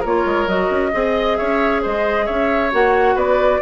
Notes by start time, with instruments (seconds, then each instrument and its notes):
0.00 bassoon A#3, clarinet F4, oboe A#4, flute C#5
0.25 bassoon G#3
0.47 bassoon F#3, clarinet F#4, flute D#5
0.70 bassoon C#4
0.93 bassoon C4, clarinet G#4, oboe D#5
1.36 bassoon C#4, oboe C#5, flute E5
1.82 bassoon G#3, oboe C5, flute D#5
2.25 bassoon C#4, oboe C#5, flute E5
2.71 bassoon A#3, clarinet F#4, flute F#5
3.15 bassoon B3, oboe B4, flute D5